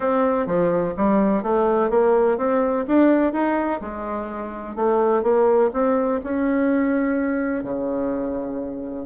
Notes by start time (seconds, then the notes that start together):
0.00 C4
0.46 F3
0.96 G3
1.42 A3
1.90 A#3
2.37 C4
2.87 D4
3.32 D#4
3.80 G#3
4.75 A3
5.22 A#3
5.73 C4
6.23 C#4
7.63 C#3